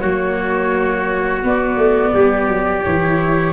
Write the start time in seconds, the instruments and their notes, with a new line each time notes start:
0.00 tuba F#3, viola A#3, trumpet F#4, flute C#5
1.42 viola B3, tuba B3, flute D5
1.77 tuba A3
2.14 tuba G3, trumpet G4
2.48 tuba F#3
2.84 tuba E3, viola E4, flute C#5